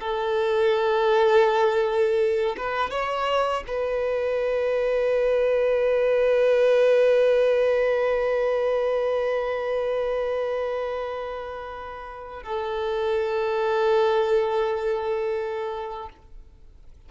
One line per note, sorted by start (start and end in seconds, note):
0.00 2.56 A4
2.57 2.90 B4
2.90 3.64 C#5
3.67 12.43 B4
12.43 16.09 A4